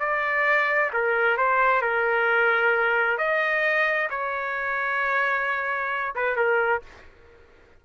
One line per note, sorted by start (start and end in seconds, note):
0.00 0.91 D5
0.94 1.37 A#4
1.37 1.82 C5
1.82 3.18 A#4
3.18 4.09 D#5
4.10 6.15 C#5
6.15 6.37 B4
6.37 6.82 A#4